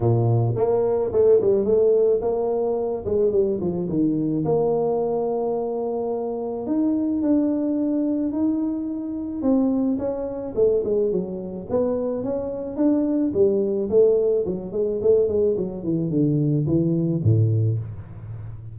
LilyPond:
\new Staff \with { instrumentName = "tuba" } { \time 4/4 \tempo 4 = 108 ais,4 ais4 a8 g8 a4 | ais4. gis8 g8 f8 dis4 | ais1 | dis'4 d'2 dis'4~ |
dis'4 c'4 cis'4 a8 gis8 | fis4 b4 cis'4 d'4 | g4 a4 fis8 gis8 a8 gis8 | fis8 e8 d4 e4 a,4 | }